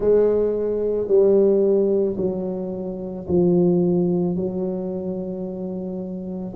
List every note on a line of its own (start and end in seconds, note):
0.00 1.07 G#3
1.07 2.16 G3
2.17 3.26 F#3
3.28 4.35 F3
4.35 6.54 F#3